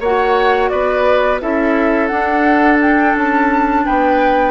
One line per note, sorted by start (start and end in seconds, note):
0.00 0.70 A#3
0.00 1.41 F#4
0.00 0.70 C#5
0.00 0.69 F#5
0.69 1.42 B3
0.69 1.41 B4
0.69 1.39 D5
1.41 2.11 C#4
1.41 2.10 E4
1.41 3.86 A4
1.41 2.07 E5
2.07 4.51 D4
2.07 3.15 D4
2.07 2.77 F#5
2.82 3.17 G5
3.16 3.85 C#4
3.16 3.86 A5
3.86 4.51 B3
3.86 4.51 B4
3.86 4.51 G5